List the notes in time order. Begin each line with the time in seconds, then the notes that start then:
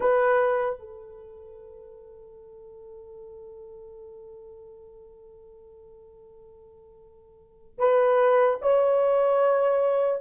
0.00 B4
0.79 A4
7.78 B4
8.61 C#5